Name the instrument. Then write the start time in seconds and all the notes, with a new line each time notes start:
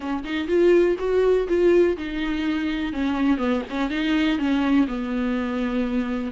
viola
0.00 C#4
0.24 D#4
0.47 F4
0.98 F#4
1.48 F4
1.97 D#4
2.92 C#4
3.37 B3
3.70 C#4
3.89 D#4
4.38 C#4
4.87 B3